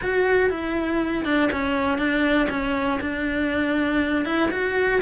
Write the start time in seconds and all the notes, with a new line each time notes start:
0.02 F#4
0.50 E4
1.24 D4
1.52 C#4
1.97 D4
2.49 C#4
3.00 D4
4.25 E4
4.51 F#4